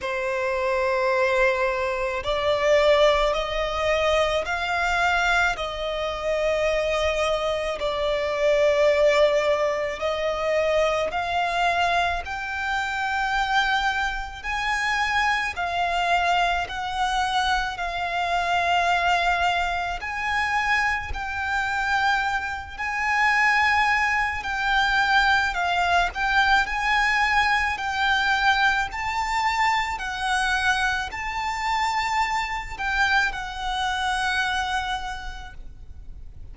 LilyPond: \new Staff \with { instrumentName = "violin" } { \time 4/4 \tempo 4 = 54 c''2 d''4 dis''4 | f''4 dis''2 d''4~ | d''4 dis''4 f''4 g''4~ | g''4 gis''4 f''4 fis''4 |
f''2 gis''4 g''4~ | g''8 gis''4. g''4 f''8 g''8 | gis''4 g''4 a''4 fis''4 | a''4. g''8 fis''2 | }